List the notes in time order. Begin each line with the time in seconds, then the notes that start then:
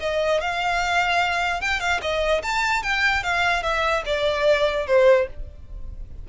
0.00 D#5
0.41 F5
1.61 G5
1.80 F5
2.01 D#5
2.43 A5
2.83 G5
3.23 F5
3.62 E5
4.06 D5
4.87 C5